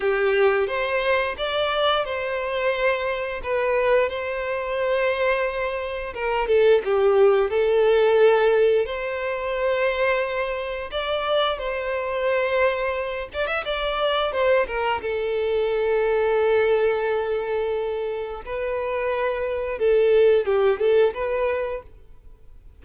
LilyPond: \new Staff \with { instrumentName = "violin" } { \time 4/4 \tempo 4 = 88 g'4 c''4 d''4 c''4~ | c''4 b'4 c''2~ | c''4 ais'8 a'8 g'4 a'4~ | a'4 c''2. |
d''4 c''2~ c''8 d''16 e''16 | d''4 c''8 ais'8 a'2~ | a'2. b'4~ | b'4 a'4 g'8 a'8 b'4 | }